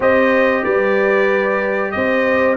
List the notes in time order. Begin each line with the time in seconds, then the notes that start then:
0.00 C4 G4 C5 D#5
0.63 G3 B4 D5
1.91 C4 C5 D#5